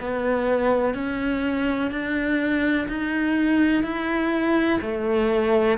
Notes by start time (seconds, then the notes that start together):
0.00 B3
0.94 C#4
1.91 D4
2.88 D#4
3.84 E4
4.81 A3